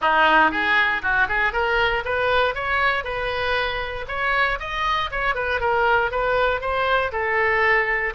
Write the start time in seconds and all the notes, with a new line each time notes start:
0.01 D#4
0.51 G#4
1.02 F#4
1.28 G#4
1.53 A#4
2.04 B4
2.54 C#5
3.03 B4
4.07 C#5
4.59 D#5
5.11 C#5
5.34 B4
5.60 A#4
6.11 B4
6.61 C5
7.12 A4